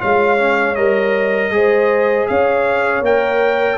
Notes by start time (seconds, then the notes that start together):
0.00 G#3 F4 C#5 F5
0.38 C#4
0.75 G3 A#4 D#5
1.51 G#3 G#4 C5
2.28 C#4 C#5 F5
3.01 A#3 A#4 G5